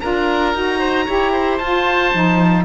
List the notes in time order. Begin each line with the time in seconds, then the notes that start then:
0.00 D4 F4 A#4 A#5
0.53 D#4 F#4
0.79 C5
1.05 E4 G4 C#5
1.32 C5
1.58 F4 A5
2.13 F3 D#4